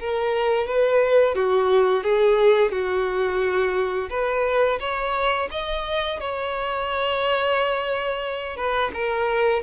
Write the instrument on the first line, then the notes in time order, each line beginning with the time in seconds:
violin
0.00 A#4
0.68 B4
1.35 F#4
2.04 G#4
2.72 F#4
4.10 B4
4.80 C#5
5.51 D#5
6.21 C#5
8.57 B4
8.94 A#4